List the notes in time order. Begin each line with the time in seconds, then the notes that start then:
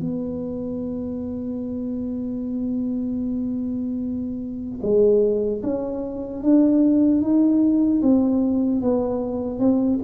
0.00 B3
4.83 G#3
5.64 C#4
6.43 D4
7.22 D#4
8.03 C4
8.82 B3
9.60 C4